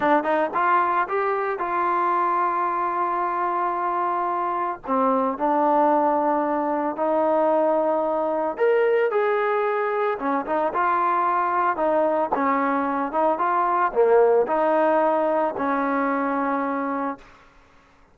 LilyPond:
\new Staff \with { instrumentName = "trombone" } { \time 4/4 \tempo 4 = 112 d'8 dis'8 f'4 g'4 f'4~ | f'1~ | f'4 c'4 d'2~ | d'4 dis'2. |
ais'4 gis'2 cis'8 dis'8 | f'2 dis'4 cis'4~ | cis'8 dis'8 f'4 ais4 dis'4~ | dis'4 cis'2. | }